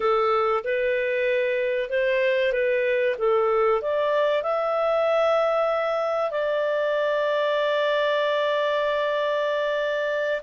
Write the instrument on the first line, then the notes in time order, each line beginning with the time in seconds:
clarinet
0.00 A4
0.64 B4
1.89 C5
2.52 B4
3.18 A4
3.81 D5
4.42 E5
6.30 D5